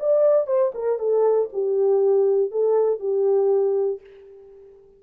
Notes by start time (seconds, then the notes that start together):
0.00 D5
0.47 C5
0.75 A#4
0.99 A4
1.53 G4
2.52 A4
3.00 G4